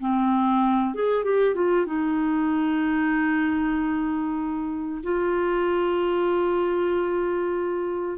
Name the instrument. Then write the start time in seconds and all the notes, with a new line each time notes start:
clarinet
0.00 C4
0.94 G#4
1.24 G4
1.55 F4
1.86 D#4
5.03 F4